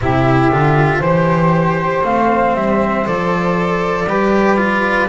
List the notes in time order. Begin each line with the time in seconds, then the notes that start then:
0.01 C3 E4 G4 E5
0.51 D3 F4
0.99 E3 G4 C5
1.05 C5
2.03 A3 C4 F5
2.54 G3 E5
3.05 F3 A4 D5
4.05 G3 G4 B4
4.57 F4